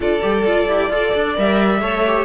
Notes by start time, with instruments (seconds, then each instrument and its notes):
0.00 cello D4, viola F4, violin A4 D5
0.21 cello G3, viola G4
0.46 cello F4, viola F4
0.68 cello E4, viola G4
0.89 cello F4, viola A4, violin D5
1.15 cello D4
1.35 cello G3, viola A#4, violin E5
1.80 cello A3, viola A4, violin C#5
2.06 viola G4